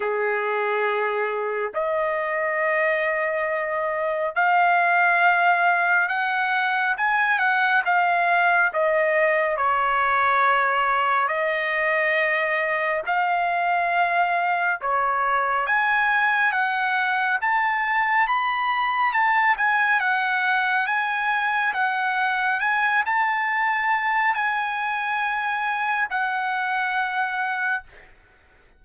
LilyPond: \new Staff \with { instrumentName = "trumpet" } { \time 4/4 \tempo 4 = 69 gis'2 dis''2~ | dis''4 f''2 fis''4 | gis''8 fis''8 f''4 dis''4 cis''4~ | cis''4 dis''2 f''4~ |
f''4 cis''4 gis''4 fis''4 | a''4 b''4 a''8 gis''8 fis''4 | gis''4 fis''4 gis''8 a''4. | gis''2 fis''2 | }